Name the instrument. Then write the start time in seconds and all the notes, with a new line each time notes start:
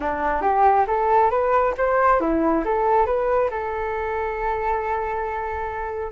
flute
0.00 D4
0.41 G4
0.87 A4
1.30 B4
1.77 C5
2.20 E4
2.64 A4
3.06 B4
3.50 A4